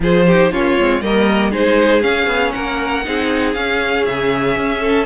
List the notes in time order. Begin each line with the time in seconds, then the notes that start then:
0.00 F3 F4 G#4 C5
0.26 D#4 G4
0.51 A#3 C#4 F4 C#5
0.79 G#3 C4
1.01 G3 A#3 A#4 D#5
1.50 G#3 D#4 G#4 C5
2.01 C#4 F5
2.27 B3
2.51 A#3 A#4 F#5
3.04 C4 D#4 G#4
3.53 C#4 F5
4.05 C#3 E5
4.57 C#4
4.80 A4